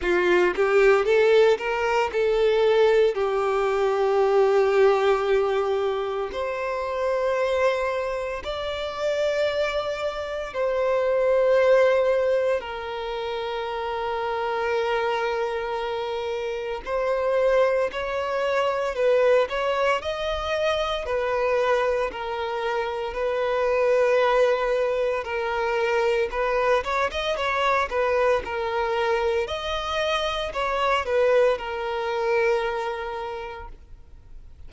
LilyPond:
\new Staff \with { instrumentName = "violin" } { \time 4/4 \tempo 4 = 57 f'8 g'8 a'8 ais'8 a'4 g'4~ | g'2 c''2 | d''2 c''2 | ais'1 |
c''4 cis''4 b'8 cis''8 dis''4 | b'4 ais'4 b'2 | ais'4 b'8 cis''16 dis''16 cis''8 b'8 ais'4 | dis''4 cis''8 b'8 ais'2 | }